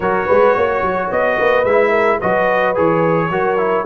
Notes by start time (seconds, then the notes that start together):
0.00 F#3 F#4 A#4 C#5
0.26 G#3 B4
0.54 A#3 C#5
0.81 F#3
1.11 B3 D#5
1.37 A#3 B4
1.64 G#3 E4 E5
1.89 A#4
2.19 F#3 F#4 B4 D#5
2.74 E3 G#4 C#5
3.30 F#3 F#4 A#4
3.57 E4